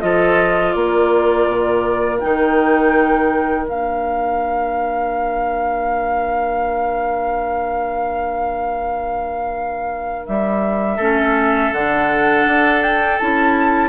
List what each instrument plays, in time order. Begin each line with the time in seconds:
0.00 bassoon F3, clarinet F4, oboe A4, flute D#5
0.72 bassoon A#3, oboe A#4, flute D5
1.48 bassoon A#2
2.19 bassoon D#3, clarinet D#4, flute G5
3.66 bassoon A#3, clarinet D4, flute F5
10.26 bassoon G3, flute E5
10.97 bassoon A3, clarinet C#4, oboe A4
11.72 bassoon D3, clarinet D4, flute F#5
12.46 bassoon D4
12.82 flute G5
13.18 bassoon C#4, clarinet E4, flute A5